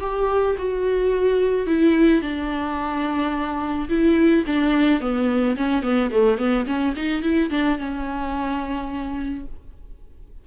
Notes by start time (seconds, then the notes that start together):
0.00 G4
0.58 F#4
1.66 E4
2.21 D4
3.89 E4
4.46 D4
5.00 B3
5.56 C#4
5.82 B3
6.11 A3
6.38 B3
6.66 C#4
6.96 D#4
7.22 E4
7.50 D4
7.78 C#4